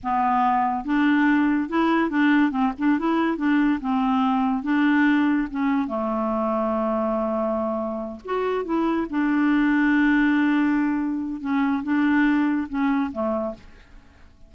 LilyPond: \new Staff \with { instrumentName = "clarinet" } { \time 4/4 \tempo 4 = 142 b2 d'2 | e'4 d'4 c'8 d'8 e'4 | d'4 c'2 d'4~ | d'4 cis'4 a2~ |
a2.~ a8 fis'8~ | fis'8 e'4 d'2~ d'8~ | d'2. cis'4 | d'2 cis'4 a4 | }